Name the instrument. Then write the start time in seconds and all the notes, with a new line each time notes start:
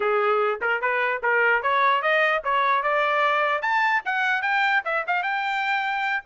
trumpet
0.00 G#4
0.61 A#4
0.81 B4
1.22 A#4
1.62 C#5
2.02 D#5
2.44 C#5
2.82 D5
3.61 A5
4.05 F#5
4.41 G5
4.84 E5
5.07 F5
5.22 G5